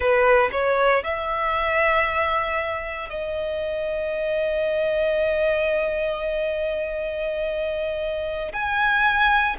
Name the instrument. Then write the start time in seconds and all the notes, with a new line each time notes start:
violin
0.00 B4
0.51 C#5
1.03 E5
3.09 D#5
8.53 G#5